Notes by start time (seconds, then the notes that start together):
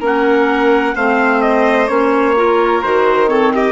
0.00 A#3 C#4 A#4 F#5
0.94 A3 C4 C5 F5
1.41 D#5
1.87 A#3 C#4 C#5
2.36 F4 A#4
2.82 D#3 F#4 C5
3.26 C4 A4 C#5
3.54 G4 D#5